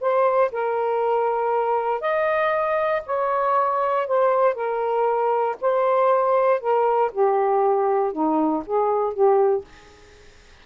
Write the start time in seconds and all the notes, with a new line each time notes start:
0.00 C5
0.51 A#4
2.00 D#5
3.06 C#5
4.07 C5
4.54 A#4
5.61 C5
6.60 A#4
7.12 G4
8.12 D#4
8.66 G#4
9.13 G4